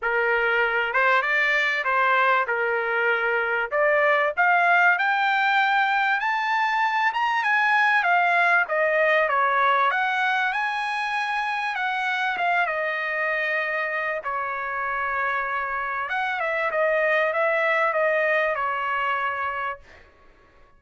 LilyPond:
\new Staff \with { instrumentName = "trumpet" } { \time 4/4 \tempo 4 = 97 ais'4. c''8 d''4 c''4 | ais'2 d''4 f''4 | g''2 a''4. ais''8 | gis''4 f''4 dis''4 cis''4 |
fis''4 gis''2 fis''4 | f''8 dis''2~ dis''8 cis''4~ | cis''2 fis''8 e''8 dis''4 | e''4 dis''4 cis''2 | }